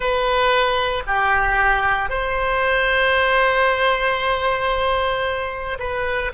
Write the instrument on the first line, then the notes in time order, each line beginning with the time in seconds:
oboe
0.00 B4
1.07 G4
2.09 C5
5.79 B4